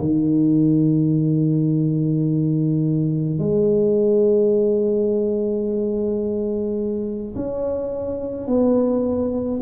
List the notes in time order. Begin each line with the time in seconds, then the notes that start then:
0.00 D#3
3.39 G#3
7.35 C#4
8.48 B3